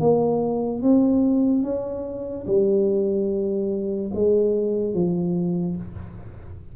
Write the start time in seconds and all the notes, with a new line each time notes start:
0.00 A#3
0.82 C4
1.63 C#4
2.47 G3
4.14 G#3
4.94 F3